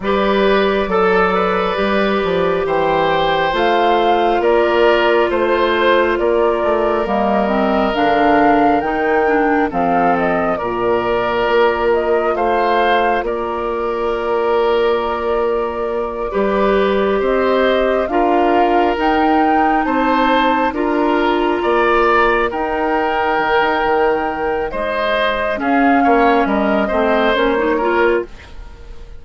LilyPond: <<
  \new Staff \with { instrumentName = "flute" } { \time 4/4 \tempo 4 = 68 d''2. g''4 | f''4 d''4 c''4 d''4 | dis''4 f''4 g''4 f''8 dis''8 | d''4. dis''8 f''4 d''4~ |
d''2.~ d''8 dis''8~ | dis''8 f''4 g''4 a''4 ais''8~ | ais''4. g''2~ g''8 | dis''4 f''4 dis''4 cis''4 | }
  \new Staff \with { instrumentName = "oboe" } { \time 4/4 b'4 a'8 b'4. c''4~ | c''4 ais'4 c''4 ais'4~ | ais'2. a'4 | ais'2 c''4 ais'4~ |
ais'2~ ais'8 b'4 c''8~ | c''8 ais'2 c''4 ais'8~ | ais'8 d''4 ais'2~ ais'8 | c''4 gis'8 cis''8 ais'8 c''4 ais'8 | }
  \new Staff \with { instrumentName = "clarinet" } { \time 4/4 g'4 a'4 g'2 | f'1 | ais8 c'8 d'4 dis'8 d'8 c'4 | f'1~ |
f'2~ f'8 g'4.~ | g'8 f'4 dis'2 f'8~ | f'4. dis'2~ dis'8~ | dis'4 cis'4. c'8 cis'16 dis'16 f'8 | }
  \new Staff \with { instrumentName = "bassoon" } { \time 4/4 g4 fis4 g8 f8 e4 | a4 ais4 a4 ais8 a8 | g4 d4 dis4 f4 | ais,4 ais4 a4 ais4~ |
ais2~ ais8 g4 c'8~ | c'8 d'4 dis'4 c'4 d'8~ | d'8 ais4 dis'4 dis16 dis'16 dis4 | gis4 cis'8 ais8 g8 a8 ais4 | }
>>